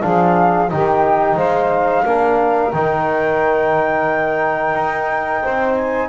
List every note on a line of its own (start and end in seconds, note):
0.00 0.72 F3
0.00 0.67 D4
0.00 0.70 G#4
0.00 0.69 F5
0.70 1.36 D#3
0.70 2.04 D#4
0.70 1.36 G4
0.70 1.37 G5
1.36 2.03 G#3
1.36 2.03 C5
1.36 2.72 F5
2.04 2.72 A#3
2.04 2.72 D4
2.04 5.42 A#4
2.72 4.75 D#3
2.72 6.08 D#4
2.72 5.75 G5
4.75 5.42 D#4
5.42 6.08 C4
5.42 6.08 C5
5.75 6.08 G#5